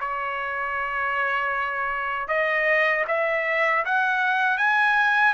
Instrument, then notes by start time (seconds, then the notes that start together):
trumpet
0.00 C#5
2.28 D#5
3.08 E5
3.85 F#5
4.58 G#5